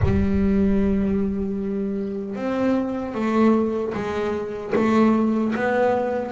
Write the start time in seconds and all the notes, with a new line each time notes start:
0.02 G3
2.35 C4
3.14 A3
3.94 G#3
4.75 A3
5.55 B3